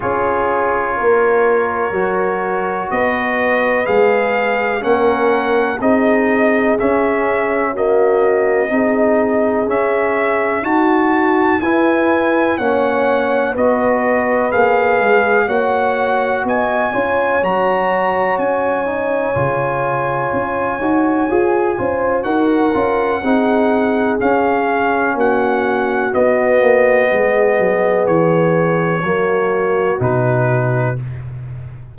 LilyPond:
<<
  \new Staff \with { instrumentName = "trumpet" } { \time 4/4 \tempo 4 = 62 cis''2. dis''4 | f''4 fis''4 dis''4 e''4 | dis''2 e''4 a''4 | gis''4 fis''4 dis''4 f''4 |
fis''4 gis''4 ais''4 gis''4~ | gis''2. fis''4~ | fis''4 f''4 fis''4 dis''4~ | dis''4 cis''2 b'4 | }
  \new Staff \with { instrumentName = "horn" } { \time 4/4 gis'4 ais'2 b'4~ | b'4 ais'4 gis'2 | fis'4 gis'2 fis'4 | b'4 cis''4 b'2 |
cis''4 dis''8 cis''2~ cis''8~ | cis''2~ cis''8 c''8 ais'4 | gis'2 fis'2 | gis'2 fis'2 | }
  \new Staff \with { instrumentName = "trombone" } { \time 4/4 f'2 fis'2 | gis'4 cis'4 dis'4 cis'4 | ais4 dis'4 cis'4 fis'4 | e'4 cis'4 fis'4 gis'4 |
fis'4. f'8 fis'4. dis'8 | f'4. fis'8 gis'8 f'8 fis'8 f'8 | dis'4 cis'2 b4~ | b2 ais4 dis'4 | }
  \new Staff \with { instrumentName = "tuba" } { \time 4/4 cis'4 ais4 fis4 b4 | gis4 ais4 c'4 cis'4~ | cis'4 c'4 cis'4 dis'4 | e'4 ais4 b4 ais8 gis8 |
ais4 b8 cis'8 fis4 cis'4 | cis4 cis'8 dis'8 f'8 cis'8 dis'8 cis'8 | c'4 cis'4 ais4 b8 ais8 | gis8 fis8 e4 fis4 b,4 | }
>>